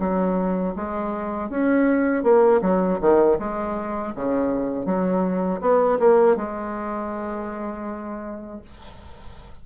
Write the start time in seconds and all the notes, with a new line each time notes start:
0.00 F#3
0.76 G#3
1.50 C#4
2.23 A#3
2.62 F#3
3.01 D#3
3.39 G#3
4.15 C#3
4.86 F#3
5.61 B3
5.99 A#3
6.36 G#3